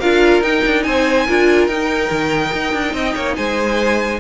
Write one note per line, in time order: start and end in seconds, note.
0.00 0.41 D4
0.00 0.43 F4
0.00 0.84 A#4
0.00 0.42 F5
0.41 0.62 D#4
0.41 1.27 D#4
0.41 0.83 G5
0.65 0.86 D4
0.83 1.28 C4
0.83 1.27 C5
0.83 1.66 G#5
1.27 1.67 D4
1.27 1.69 F4
1.27 2.93 A#4
1.66 2.09 D#4
1.66 4.20 D#4
1.66 3.34 G5
2.10 2.52 D#3
2.53 2.73 D#4
2.73 2.93 D4
2.93 3.14 C4
2.93 3.14 D#5
3.15 3.37 A#3
3.15 3.36 C#5
3.36 4.20 G#3
3.36 4.20 C5
3.36 4.19 G#5